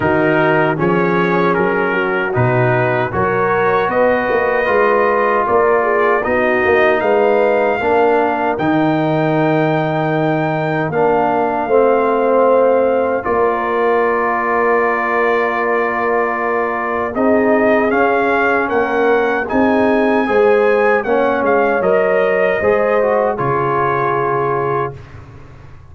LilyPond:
<<
  \new Staff \with { instrumentName = "trumpet" } { \time 4/4 \tempo 4 = 77 ais'4 cis''4 ais'4 b'4 | cis''4 dis''2 d''4 | dis''4 f''2 g''4~ | g''2 f''2~ |
f''4 d''2.~ | d''2 dis''4 f''4 | fis''4 gis''2 fis''8 f''8 | dis''2 cis''2 | }
  \new Staff \with { instrumentName = "horn" } { \time 4/4 fis'4 gis'4. fis'4. | ais'4 b'2 ais'8 gis'8 | fis'4 b'4 ais'2~ | ais'2. c''4~ |
c''4 ais'2.~ | ais'2 gis'2 | ais'4 gis'4 c''4 cis''4~ | cis''4 c''4 gis'2 | }
  \new Staff \with { instrumentName = "trombone" } { \time 4/4 dis'4 cis'2 dis'4 | fis'2 f'2 | dis'2 d'4 dis'4~ | dis'2 d'4 c'4~ |
c'4 f'2.~ | f'2 dis'4 cis'4~ | cis'4 dis'4 gis'4 cis'4 | ais'4 gis'8 fis'8 f'2 | }
  \new Staff \with { instrumentName = "tuba" } { \time 4/4 dis4 f4 fis4 b,4 | fis4 b8 ais8 gis4 ais4 | b8 ais8 gis4 ais4 dis4~ | dis2 ais4 a4~ |
a4 ais2.~ | ais2 c'4 cis'4 | ais4 c'4 gis4 ais8 gis8 | fis4 gis4 cis2 | }
>>